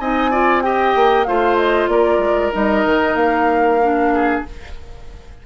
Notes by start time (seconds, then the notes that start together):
0.00 C4 D#4 D#5 G#5
0.31 F4 D5
0.62 G4 D#5 G5
0.95 A#3
1.24 A3 F4 C5 F5
1.57 D#5
1.88 A#3 A#4 D5
2.18 G#3
2.52 G3 D#4 D#5
2.85 D#3
3.15 A#3 F5
3.82 D4
4.14 G#4